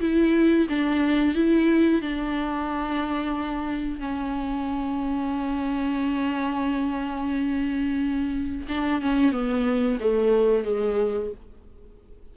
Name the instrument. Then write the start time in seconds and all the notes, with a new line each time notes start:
viola
0.00 E4
0.69 D4
1.35 E4
2.01 D4
3.99 C#4
8.68 D4
9.01 C#4
9.32 B3
9.99 A3
10.64 G#3